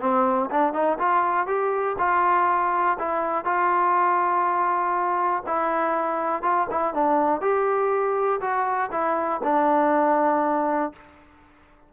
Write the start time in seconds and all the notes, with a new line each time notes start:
0.00 C4
0.51 D4
0.73 D#4
0.99 F4
1.47 G4
1.99 F4
2.99 E4
3.45 F4
5.47 E4
6.43 F4
6.71 E4
6.94 D4
7.42 G4
8.41 F#4
8.92 E4
9.44 D4